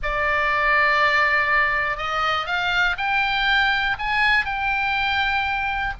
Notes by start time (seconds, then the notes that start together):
0.02 D5
1.97 D#5
2.46 F5
2.97 G5
3.98 G#5
4.45 G5